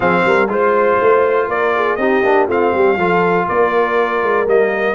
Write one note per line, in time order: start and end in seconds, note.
0.00 0.22 F3
0.00 0.47 C4
0.00 0.23 G#4
0.00 0.50 F5
0.24 0.48 G3
0.24 0.51 A#4
0.48 0.98 G#3
0.48 1.97 F4
0.48 1.49 C5
1.00 1.48 A3
1.48 1.97 A#3
1.48 1.74 A#4
1.48 1.96 D5
1.75 1.98 G#4
1.96 2.22 C4
1.96 2.24 D#4
1.96 2.48 G4
1.96 2.45 D#5
2.22 2.47 A#3
2.22 2.48 D4
2.47 2.72 A3
2.47 2.98 C4
2.47 2.71 F4
2.47 3.48 F5
2.71 2.96 G3
2.71 2.95 G4
2.96 3.46 F3
2.96 4.47 F4
2.96 3.46 A4
3.48 4.23 A#3
3.48 4.94 A#4
3.48 4.47 D5
4.23 4.47 G#3
4.47 4.94 G3
4.47 4.94 A#3
4.47 4.94 D#5